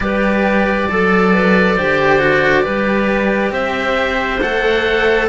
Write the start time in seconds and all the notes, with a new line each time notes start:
0.00 G3 G4 B4 D5
0.89 F#3 A4
1.33 B4
1.75 D3 G4 C5
2.19 F#4
2.62 G3 G4 B4
3.51 C4 C5 E5
4.40 A3 A4 F#5